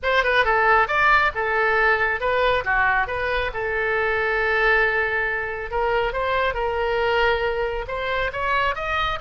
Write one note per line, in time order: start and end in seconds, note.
0.03 0.23 C5
0.23 0.44 B4
0.44 0.87 A4
0.87 1.31 D5
1.35 2.20 A4
2.20 2.64 B4
2.64 3.07 F#4
3.07 3.51 B4
3.53 5.71 A4
5.71 6.13 A#4
6.13 6.54 C5
6.54 7.85 A#4
7.87 8.31 C5
8.32 8.75 C#5
8.75 9.19 D#5